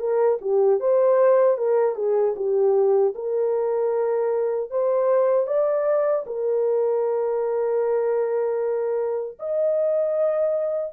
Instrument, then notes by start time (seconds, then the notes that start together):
horn
0.00 A#4
0.41 G4
0.80 C5
1.58 A#4
1.96 G#4
2.36 G4
3.15 A#4
4.71 C5
5.47 D5
6.27 A#4
9.40 D#5